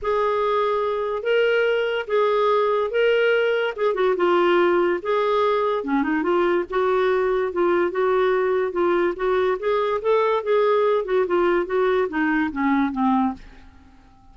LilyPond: \new Staff \with { instrumentName = "clarinet" } { \time 4/4 \tempo 4 = 144 gis'2. ais'4~ | ais'4 gis'2 ais'4~ | ais'4 gis'8 fis'8 f'2 | gis'2 cis'8 dis'8 f'4 |
fis'2 f'4 fis'4~ | fis'4 f'4 fis'4 gis'4 | a'4 gis'4. fis'8 f'4 | fis'4 dis'4 cis'4 c'4 | }